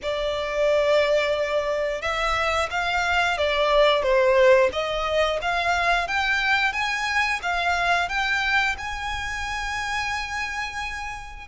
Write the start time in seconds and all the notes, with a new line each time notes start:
0.02 D5
2.01 E5
2.70 F5
3.37 D5
4.02 C5
4.72 D#5
5.41 F5
6.07 G5
6.72 G#5
7.42 F5
8.08 G5
8.78 G#5